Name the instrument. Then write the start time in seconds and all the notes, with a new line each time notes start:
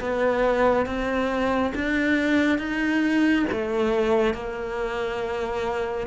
cello
0.00 B3
0.86 C4
1.75 D4
2.58 D#4
3.51 A3
4.34 A#3